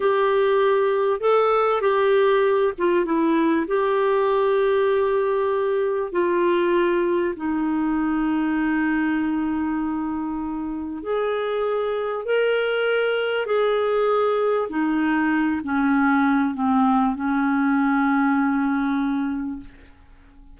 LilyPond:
\new Staff \with { instrumentName = "clarinet" } { \time 4/4 \tempo 4 = 98 g'2 a'4 g'4~ | g'8 f'8 e'4 g'2~ | g'2 f'2 | dis'1~ |
dis'2 gis'2 | ais'2 gis'2 | dis'4. cis'4. c'4 | cis'1 | }